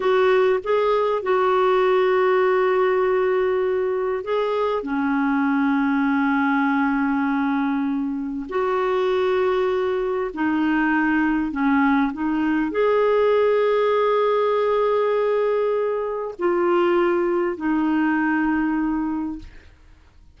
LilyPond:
\new Staff \with { instrumentName = "clarinet" } { \time 4/4 \tempo 4 = 99 fis'4 gis'4 fis'2~ | fis'2. gis'4 | cis'1~ | cis'2 fis'2~ |
fis'4 dis'2 cis'4 | dis'4 gis'2.~ | gis'2. f'4~ | f'4 dis'2. | }